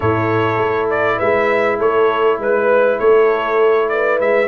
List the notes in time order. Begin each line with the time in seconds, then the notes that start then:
0.00 A2 E4 A4 C#5
0.57 A3
0.90 D5
1.17 G#3 B4 E5
1.79 A3 A4 C#5
2.38 G#3 B4
2.99 A3 A4 C#5
3.88 B4 D5
4.20 G#3 E5